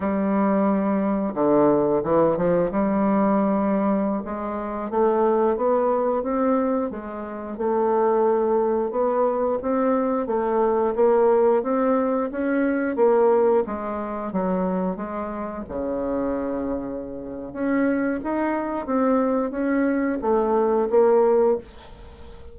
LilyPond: \new Staff \with { instrumentName = "bassoon" } { \time 4/4 \tempo 4 = 89 g2 d4 e8 f8 | g2~ g16 gis4 a8.~ | a16 b4 c'4 gis4 a8.~ | a4~ a16 b4 c'4 a8.~ |
a16 ais4 c'4 cis'4 ais8.~ | ais16 gis4 fis4 gis4 cis8.~ | cis2 cis'4 dis'4 | c'4 cis'4 a4 ais4 | }